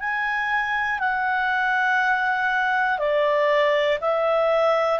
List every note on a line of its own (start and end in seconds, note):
0.00 0.99 G#5
0.99 2.98 F#5
2.98 3.98 D5
4.00 5.00 E5